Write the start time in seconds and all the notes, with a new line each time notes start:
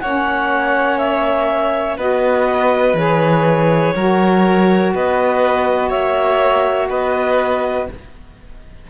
0.00 A#3 C#4 C#5 F#5
0.98 E5
1.97 B3 F#4 B4 D#5
2.93 E3 G#4 C#5
3.95 F#3 F#4 A#4
4.94 B3 B4 D#5
5.89 A#3 C#5 E5
6.89 B3 B4 D#5